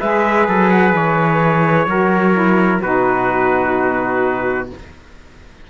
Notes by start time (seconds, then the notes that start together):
0.00 G#3 G#4 B4 E5
0.48 F#3 A4
0.70 F#5
0.93 E3 C#5
1.87 F#3 F#4 A#4
2.33 E4
2.81 B2 D#4 F#4 B4